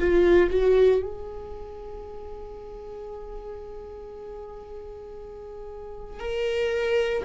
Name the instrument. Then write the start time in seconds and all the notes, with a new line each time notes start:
viola
0.00 F4
0.51 F#4
1.03 G#4
6.20 A#4